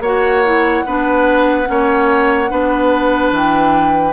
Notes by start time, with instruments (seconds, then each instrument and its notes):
0.00 bassoon A#3, clarinet F#4, oboe C#5, flute F#5
0.44 clarinet E4
0.86 bassoon B3, clarinet D4, oboe B4
1.65 bassoon A#3, clarinet C#4, oboe C#5
2.49 bassoon B3, clarinet D4, oboe B4
3.31 bassoon E3, flute G5